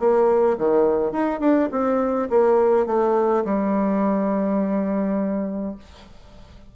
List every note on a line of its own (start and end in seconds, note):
0.00 0.58 A#3
0.58 1.12 D#3
1.12 1.40 D#4
1.40 1.69 D4
1.72 2.29 C4
2.30 2.87 A#3
2.87 3.44 A3
3.45 5.76 G3